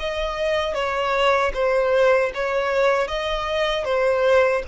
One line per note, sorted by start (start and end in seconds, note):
0.00 0.74 D#5
0.74 1.52 C#5
1.54 2.32 C5
2.34 3.08 C#5
3.08 3.85 D#5
3.85 4.63 C5